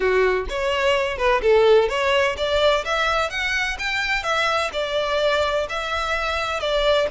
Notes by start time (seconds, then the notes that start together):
0.00 F#4
0.49 C#5
1.17 B4
1.41 A4
1.89 C#5
2.37 D5
2.84 E5
3.30 F#5
3.78 G5
4.23 E5
4.72 D5
5.69 E5
6.60 D5